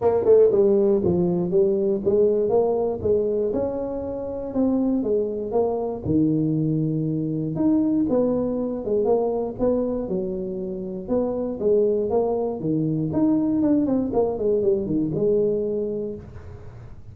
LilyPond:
\new Staff \with { instrumentName = "tuba" } { \time 4/4 \tempo 4 = 119 ais8 a8 g4 f4 g4 | gis4 ais4 gis4 cis'4~ | cis'4 c'4 gis4 ais4 | dis2. dis'4 |
b4. gis8 ais4 b4 | fis2 b4 gis4 | ais4 dis4 dis'4 d'8 c'8 | ais8 gis8 g8 dis8 gis2 | }